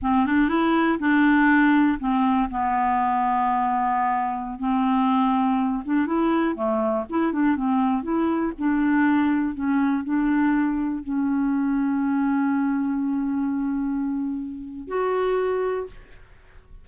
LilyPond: \new Staff \with { instrumentName = "clarinet" } { \time 4/4 \tempo 4 = 121 c'8 d'8 e'4 d'2 | c'4 b2.~ | b4~ b16 c'2~ c'8 d'16~ | d'16 e'4 a4 e'8 d'8 c'8.~ |
c'16 e'4 d'2 cis'8.~ | cis'16 d'2 cis'4.~ cis'16~ | cis'1~ | cis'2 fis'2 | }